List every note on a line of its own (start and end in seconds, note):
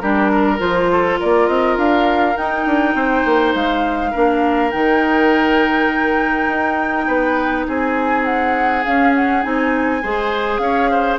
0.00 0.60 G3
0.00 0.58 D4
0.00 0.31 G4
0.00 0.59 A#4
0.32 0.91 A#4
0.58 1.19 F3
0.58 2.35 F4
0.58 1.18 C5
0.92 1.19 A4
1.19 1.48 A#3
1.19 2.95 A#4
1.19 1.47 D5
1.47 1.76 C4
1.47 1.76 D#5
1.76 2.35 D4
1.76 2.37 F5
2.37 2.66 D#4
2.37 4.13 D#4
2.37 3.54 G5
2.66 2.94 D4
2.94 3.24 C4
2.94 4.11 C5
3.25 3.54 A#3
3.54 4.13 G#3
3.54 4.71 F5
4.11 4.73 A#3
4.11 4.71 D4
4.11 7.05 A#4
4.71 6.48 D#3
4.71 8.83 D#4
4.71 7.65 G5
6.48 7.06 D#4
7.07 7.66 B3
7.07 7.66 B4
7.67 8.85 C4
7.67 10.02 G#4
7.67 8.24 G#5
8.24 8.83 F#5
8.84 9.42 C#4
8.84 9.45 C#4
8.84 9.13 F5
9.15 9.43 F#5
9.42 10.03 C4
9.42 10.00 D#4
9.42 10.58 G#5
10.02 10.58 G#3
10.02 11.18 G#4
10.02 10.61 C5
10.58 11.17 C#4
10.58 10.90 C#5
10.58 11.16 F5
10.90 11.18 C5